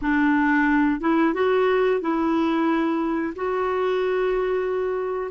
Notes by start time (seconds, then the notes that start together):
0.01 D4
1.00 E4
1.34 F#4
2.00 E4
3.35 F#4